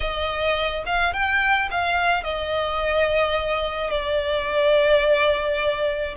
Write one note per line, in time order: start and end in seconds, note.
0.00 0.83 D#5
0.86 1.13 F5
1.13 1.69 G5
1.71 2.23 F5
2.23 3.90 D#5
3.90 6.14 D5